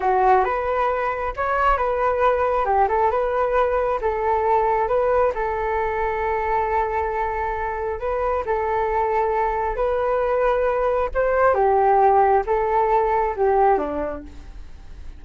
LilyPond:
\new Staff \with { instrumentName = "flute" } { \time 4/4 \tempo 4 = 135 fis'4 b'2 cis''4 | b'2 g'8 a'8 b'4~ | b'4 a'2 b'4 | a'1~ |
a'2 b'4 a'4~ | a'2 b'2~ | b'4 c''4 g'2 | a'2 g'4 d'4 | }